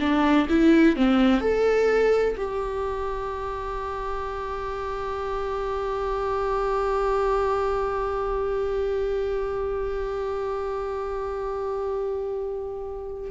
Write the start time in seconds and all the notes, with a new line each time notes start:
0.00 D4
0.49 E4
0.96 C4
1.41 A4
2.37 G4